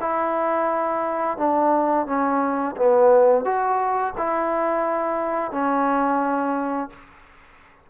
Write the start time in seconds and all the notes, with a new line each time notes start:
0.00 E4
1.37 D4
2.06 C#4
2.76 B3
3.45 F#4
4.17 E4
5.51 C#4